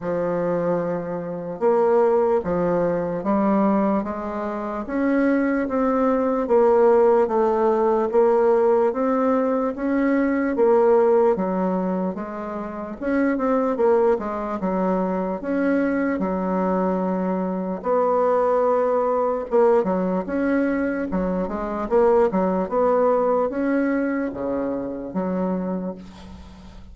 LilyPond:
\new Staff \with { instrumentName = "bassoon" } { \time 4/4 \tempo 4 = 74 f2 ais4 f4 | g4 gis4 cis'4 c'4 | ais4 a4 ais4 c'4 | cis'4 ais4 fis4 gis4 |
cis'8 c'8 ais8 gis8 fis4 cis'4 | fis2 b2 | ais8 fis8 cis'4 fis8 gis8 ais8 fis8 | b4 cis'4 cis4 fis4 | }